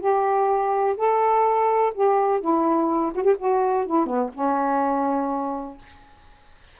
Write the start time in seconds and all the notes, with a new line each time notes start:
0.00 G4
0.97 A4
1.94 G4
2.40 E4
3.15 F#4
3.23 G4
3.38 F#4
3.86 E4
4.06 B3
4.34 C#4